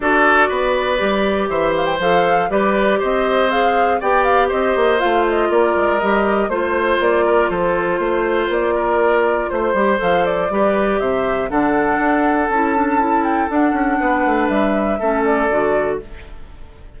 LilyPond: <<
  \new Staff \with { instrumentName = "flute" } { \time 4/4 \tempo 4 = 120 d''2. e''8 f''16 g''16 | f''4 d''4 dis''4 f''4 | g''8 f''8 dis''4 f''8 dis''8 d''4 | dis''4 c''4 d''4 c''4~ |
c''4 d''2 c''4 | f''8 d''4. e''4 fis''4~ | fis''4 a''4. g''8 fis''4~ | fis''4 e''4. d''4. | }
  \new Staff \with { instrumentName = "oboe" } { \time 4/4 a'4 b'2 c''4~ | c''4 b'4 c''2 | d''4 c''2 ais'4~ | ais'4 c''4. ais'8 a'4 |
c''4. ais'4. c''4~ | c''4 b'4 c''4 a'4~ | a'1 | b'2 a'2 | }
  \new Staff \with { instrumentName = "clarinet" } { \time 4/4 fis'2 g'2 | a'4 g'2 gis'4 | g'2 f'2 | g'4 f'2.~ |
f'2.~ f'8 g'8 | a'4 g'2 d'4~ | d'4 e'8 d'8 e'4 d'4~ | d'2 cis'4 fis'4 | }
  \new Staff \with { instrumentName = "bassoon" } { \time 4/4 d'4 b4 g4 e4 | f4 g4 c'2 | b4 c'8 ais8 a4 ais8 gis8 | g4 a4 ais4 f4 |
a4 ais2 a8 g8 | f4 g4 c4 d4 | d'4 cis'2 d'8 cis'8 | b8 a8 g4 a4 d4 | }
>>